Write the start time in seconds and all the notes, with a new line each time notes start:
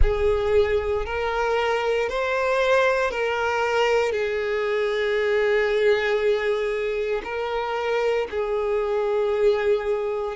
0.02 G#4
1.05 A#4
2.09 C5
3.10 A#4
4.11 G#4
7.24 A#4
8.30 G#4